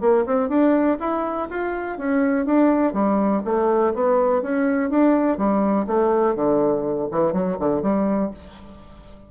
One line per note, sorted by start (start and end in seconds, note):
0.00 0.24 A#3
0.26 0.49 C4
0.49 0.97 D4
0.99 1.48 E4
1.50 1.98 F4
1.98 2.45 C#4
2.45 2.93 D4
2.93 3.42 G3
3.45 3.93 A3
3.94 4.42 B3
4.42 4.90 C#4
4.90 5.37 D4
5.37 5.86 G3
5.86 6.35 A3
6.35 7.08 D3
7.11 7.32 E3
7.32 7.57 F#3
7.59 7.82 D3
7.82 8.31 G3